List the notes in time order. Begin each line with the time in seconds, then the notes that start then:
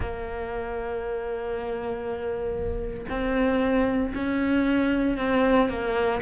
0.00 A#3
3.09 C4
4.14 C#4
5.17 C4
5.69 A#3